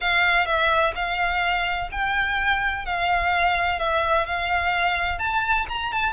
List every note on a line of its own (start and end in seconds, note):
0.00 0.46 F5
0.46 0.93 E5
0.95 1.89 F5
1.91 2.85 G5
2.85 3.79 F5
3.79 4.26 E5
4.26 5.18 F5
5.18 5.65 A5
5.68 5.92 A#5
5.92 6.12 A5